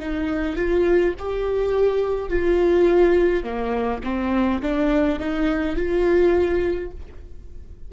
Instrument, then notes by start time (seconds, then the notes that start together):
viola
0.00 D#4
0.56 F4
1.19 G4
2.30 F4
3.44 A#3
4.04 C4
4.62 D4
5.19 D#4
5.76 F4